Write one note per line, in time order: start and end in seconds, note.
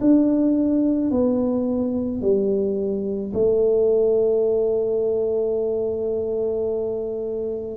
0.00 1.11 D4
1.11 2.21 B3
2.21 3.32 G3
3.33 7.77 A3